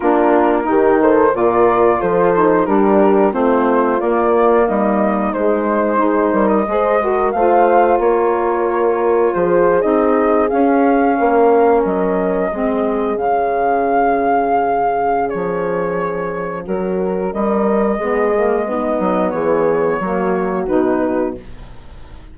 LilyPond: <<
  \new Staff \with { instrumentName = "flute" } { \time 4/4 \tempo 4 = 90 ais'4. c''8 d''4 c''4 | ais'4 c''4 d''4 dis''4 | c''4.~ c''16 dis''4~ dis''16 f''4 | cis''2 c''8. dis''4 f''16~ |
f''4.~ f''16 dis''2 f''16~ | f''2. cis''4~ | cis''4 ais'4 dis''2~ | dis''4 cis''2 b'4 | }
  \new Staff \with { instrumentName = "horn" } { \time 4/4 f'4 g'8 a'8 ais'4 a'4 | g'4 f'2 dis'4~ | dis'4 gis'8 ais'8 c''8 ais'8 c''4 | ais'2 gis'2~ |
gis'8. ais'2 gis'4~ gis'16~ | gis'1~ | gis'4 fis'4 ais'4 gis'4 | dis'4 gis'4 fis'2 | }
  \new Staff \with { instrumentName = "saxophone" } { \time 4/4 d'4 dis'4 f'4. dis'8 | d'4 c'4 ais2 | gis4 dis'4 gis'8 fis'8 f'4~ | f'2~ f'8. dis'4 cis'16~ |
cis'2~ cis'8. c'4 cis'16~ | cis'1~ | cis'2. b8 ais8 | b2 ais4 dis'4 | }
  \new Staff \with { instrumentName = "bassoon" } { \time 4/4 ais4 dis4 ais,4 f4 | g4 a4 ais4 g4 | gis4. g8 gis4 a4 | ais2 f8. c'4 cis'16~ |
cis'8. ais4 fis4 gis4 cis16~ | cis2. f4~ | f4 fis4 g4 gis4~ | gis8 fis8 e4 fis4 b,4 | }
>>